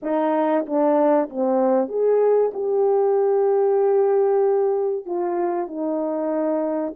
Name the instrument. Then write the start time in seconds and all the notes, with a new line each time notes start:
horn
0.02 D#4
0.66 D4
1.29 C4
1.88 G#4
2.53 G4
5.05 F4
5.67 D#4